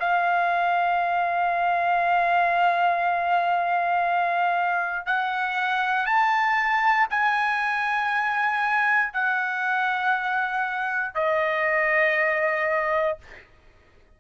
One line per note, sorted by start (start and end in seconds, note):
0.00 5.06 F5
5.06 6.06 F#5
6.06 7.07 A5
7.10 9.13 G#5
9.13 11.15 F#5
11.15 13.18 D#5